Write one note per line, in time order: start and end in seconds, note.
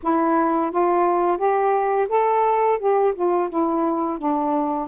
0.02 0.71 E4
0.71 1.37 F4
1.37 2.07 G4
2.09 2.78 A4
2.78 3.13 G4
3.14 3.49 F4
3.49 4.18 E4
4.18 4.88 D4